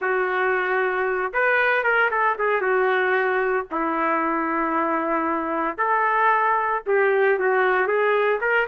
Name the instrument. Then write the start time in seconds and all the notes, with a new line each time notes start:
trumpet
0.01 F#4
1.33 B4
1.83 A#4
2.11 A4
2.38 G#4
2.61 F#4
3.71 E4
5.77 A4
6.86 G4
7.38 F#4
7.87 G#4
8.40 A#4